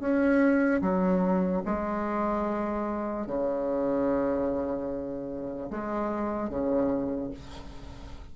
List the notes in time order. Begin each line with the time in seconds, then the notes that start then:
0.00 C#4
0.81 F#3
1.65 G#3
3.27 C#3
5.71 G#3
6.50 C#3